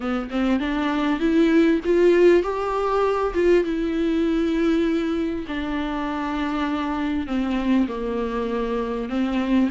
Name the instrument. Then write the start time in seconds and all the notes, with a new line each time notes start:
viola
0.00 B3
0.30 C4
0.59 D4
1.19 E4
1.85 F4
2.42 G4
3.34 F4
3.64 E4
5.47 D4
7.26 C4
7.88 A#3
9.09 C4